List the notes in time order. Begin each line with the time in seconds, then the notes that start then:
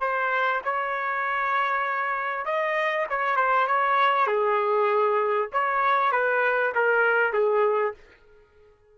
0.00 C5
0.64 C#5
2.45 D#5
3.09 C#5
3.36 C5
3.67 C#5
4.27 G#4
5.52 C#5
6.11 B4
6.74 A#4
7.33 G#4